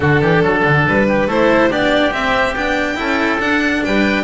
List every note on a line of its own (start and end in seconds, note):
0.00 0.20 D3
0.00 1.27 D4
0.00 0.21 F#4
0.00 0.82 A4
0.21 0.41 E3
0.21 0.42 G4
0.41 0.62 F#3
0.41 1.07 A4
0.64 0.86 D3
0.87 1.26 G3
0.87 1.30 B4
1.08 1.27 G4
1.26 1.68 A3
1.26 1.69 E4
1.26 1.69 A4
1.26 1.72 C5
1.69 2.12 B3
1.69 2.12 D4
1.69 2.97 G4
1.69 2.12 D5
2.12 2.55 C4
2.12 2.55 E5
2.55 2.97 B3
2.55 2.95 D4
2.55 3.40 G5
2.95 3.39 C#4
2.95 3.38 E4
2.95 3.84 A4
3.39 3.82 D4
3.39 4.23 D4
3.39 3.83 F#5
3.84 4.23 G3
3.84 4.23 B4
3.84 4.23 G5